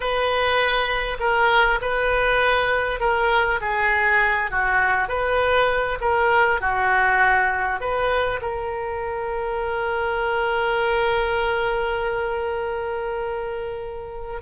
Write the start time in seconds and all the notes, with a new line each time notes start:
0.00 B4
1.19 A#4
1.81 B4
3.00 A#4
3.61 G#4
4.50 F#4
5.08 B4
6.01 A#4
6.61 F#4
7.80 B4
8.41 A#4